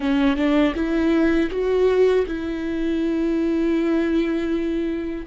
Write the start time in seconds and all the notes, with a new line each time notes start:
0.00 C#4
0.36 D4
0.74 E4
1.50 F#4
2.26 E4